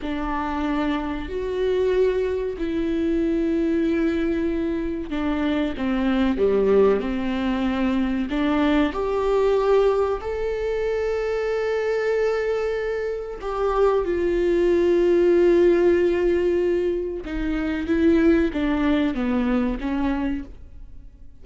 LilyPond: \new Staff \with { instrumentName = "viola" } { \time 4/4 \tempo 4 = 94 d'2 fis'2 | e'1 | d'4 c'4 g4 c'4~ | c'4 d'4 g'2 |
a'1~ | a'4 g'4 f'2~ | f'2. dis'4 | e'4 d'4 b4 cis'4 | }